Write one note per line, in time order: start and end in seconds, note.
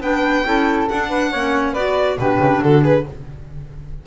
0.00 0.43 B3
0.00 0.44 D4
0.00 0.46 B4
0.00 0.89 G5
0.44 0.88 C#4
0.44 0.88 E4
0.44 1.08 A4
0.89 1.34 D4
0.89 1.33 D4
0.89 1.74 F#5
1.08 1.30 B4
1.31 1.75 A#3
1.31 1.76 C#4
1.31 1.73 C#5
1.73 2.18 B3
1.73 2.19 F#4
1.73 2.16 B4
1.73 2.17 D5
2.18 2.39 B2
2.18 3.06 D4
2.18 2.61 G4
2.18 2.63 B4
2.39 2.60 C#3
2.61 3.06 D3
2.61 2.82 F#4
2.61 2.84 A4
2.82 3.04 G#4
2.82 3.06 B4